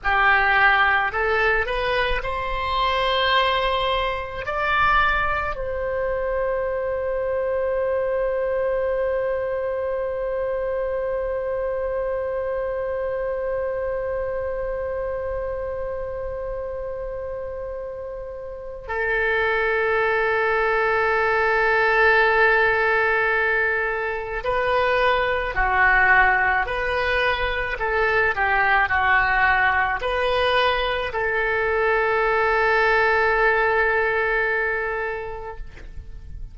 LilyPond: \new Staff \with { instrumentName = "oboe" } { \time 4/4 \tempo 4 = 54 g'4 a'8 b'8 c''2 | d''4 c''2.~ | c''1~ | c''1~ |
c''4 a'2.~ | a'2 b'4 fis'4 | b'4 a'8 g'8 fis'4 b'4 | a'1 | }